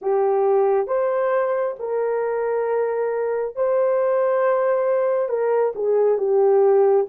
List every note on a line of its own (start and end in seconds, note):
0.01 0.87 G4
0.87 1.75 C5
1.79 3.55 A#4
3.55 5.29 C5
5.29 5.73 A#4
5.75 6.18 G#4
6.18 7.06 G4